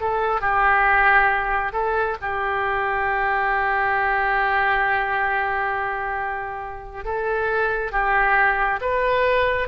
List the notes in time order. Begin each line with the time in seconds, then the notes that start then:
0.00 A4
0.41 G4
1.72 A4
2.21 G4
7.05 A4
7.92 G4
8.81 B4